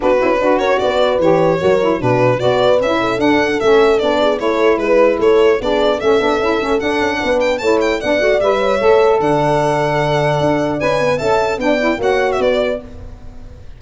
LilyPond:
<<
  \new Staff \with { instrumentName = "violin" } { \time 4/4 \tempo 4 = 150 b'4. cis''8 d''4 cis''4~ | cis''4 b'4 d''4 e''4 | fis''4 e''4 d''4 cis''4 | b'4 cis''4 d''4 e''4~ |
e''4 fis''4. g''8 a''8 g''8 | fis''4 e''2 fis''4~ | fis''2. gis''4 | a''4 g''4 fis''8. e''16 d''4 | }
  \new Staff \with { instrumentName = "horn" } { \time 4/4 fis'4 b'8 ais'8 b'2 | ais'4 fis'4 b'4. a'8~ | a'2~ a'8 gis'8 a'4 | b'4 a'4 gis'4 a'4~ |
a'2 b'4 cis''4 | d''4. cis''4. d''4~ | d''1 | e''4 d''4 cis''4 b'4 | }
  \new Staff \with { instrumentName = "saxophone" } { \time 4/4 d'8 e'8 fis'2 g'4 | fis'8 e'8 d'4 fis'4 e'4 | d'4 cis'4 d'4 e'4~ | e'2 d'4 cis'8 d'8 |
e'8 cis'8 d'2 e'4 | d'8 fis'8 b'4 a'2~ | a'2. b'4 | a'4 d'8 e'8 fis'2 | }
  \new Staff \with { instrumentName = "tuba" } { \time 4/4 b8 cis'8 d'8 cis'8 b4 e4 | fis4 b,4 b4 cis'4 | d'4 a4 b4 a4 | gis4 a4 b4 a8 b8 |
cis'8 a8 d'8 cis'8 b4 a4 | b8 a8 g4 a4 d4~ | d2 d'4 cis'8 b8 | cis'4 b4 ais4 b4 | }
>>